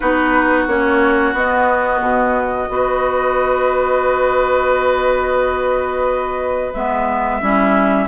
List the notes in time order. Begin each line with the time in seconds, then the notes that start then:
0.00 B3 D#4 F#4 B4
0.67 A#3 C#4 C#5
1.33 B3 D#5
2.00 B2
2.67 B3 F#4 B4
6.73 G#3 B3 E5
7.40 G3 C#4 E4